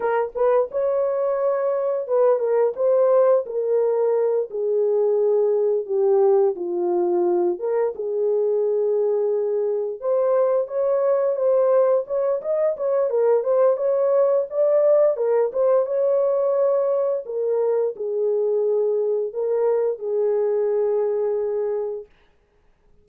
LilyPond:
\new Staff \with { instrumentName = "horn" } { \time 4/4 \tempo 4 = 87 ais'8 b'8 cis''2 b'8 ais'8 | c''4 ais'4. gis'4.~ | gis'8 g'4 f'4. ais'8 gis'8~ | gis'2~ gis'8 c''4 cis''8~ |
cis''8 c''4 cis''8 dis''8 cis''8 ais'8 c''8 | cis''4 d''4 ais'8 c''8 cis''4~ | cis''4 ais'4 gis'2 | ais'4 gis'2. | }